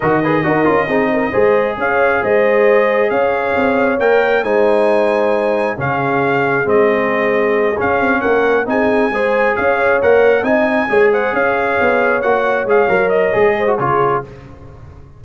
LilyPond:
<<
  \new Staff \with { instrumentName = "trumpet" } { \time 4/4 \tempo 4 = 135 dis''1 | f''4 dis''2 f''4~ | f''4 g''4 gis''2~ | gis''4 f''2 dis''4~ |
dis''4. f''4 fis''4 gis''8~ | gis''4. f''4 fis''4 gis''8~ | gis''4 fis''8 f''2 fis''8~ | fis''8 f''4 dis''4. cis''4 | }
  \new Staff \with { instrumentName = "horn" } { \time 4/4 ais'8 b'8 ais'4 gis'8 ais'8 c''4 | cis''4 c''2 cis''4~ | cis''2 c''2~ | c''4 gis'2.~ |
gis'2~ gis'8 ais'4 gis'8~ | gis'8 c''4 cis''2 dis''8~ | dis''8 cis''8 c''8 cis''2~ cis''8~ | cis''2~ cis''8 c''8 gis'4 | }
  \new Staff \with { instrumentName = "trombone" } { \time 4/4 fis'8 gis'8 fis'8 f'8 dis'4 gis'4~ | gis'1~ | gis'4 ais'4 dis'2~ | dis'4 cis'2 c'4~ |
c'4. cis'2 dis'8~ | dis'8 gis'2 ais'4 dis'8~ | dis'8 gis'2. fis'8~ | fis'8 gis'8 ais'4 gis'8. fis'16 f'4 | }
  \new Staff \with { instrumentName = "tuba" } { \time 4/4 dis4 dis'8 cis'8 c'4 gis4 | cis'4 gis2 cis'4 | c'4 ais4 gis2~ | gis4 cis2 gis4~ |
gis4. cis'8 c'8 ais4 c'8~ | c'8 gis4 cis'4 ais4 c'8~ | c'8 gis4 cis'4 b4 ais8~ | ais8 gis8 fis4 gis4 cis4 | }
>>